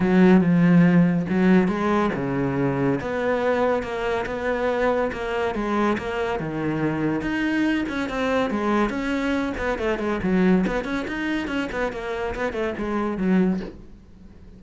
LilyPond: \new Staff \with { instrumentName = "cello" } { \time 4/4 \tempo 4 = 141 fis4 f2 fis4 | gis4 cis2 b4~ | b4 ais4 b2 | ais4 gis4 ais4 dis4~ |
dis4 dis'4. cis'8 c'4 | gis4 cis'4. b8 a8 gis8 | fis4 b8 cis'8 dis'4 cis'8 b8 | ais4 b8 a8 gis4 fis4 | }